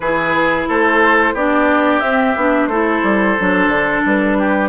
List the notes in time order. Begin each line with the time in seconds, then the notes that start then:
0.00 E3 E4 G#4 B4
0.68 A3 A4 C5
1.33 B3 D4 G4 D5
1.99 C4 E5
2.36 B3 D4
2.67 A3 E4 A4 C5
3.03 G3
3.39 F#3 D4
3.68 D3
4.05 G3 B4
4.38 G4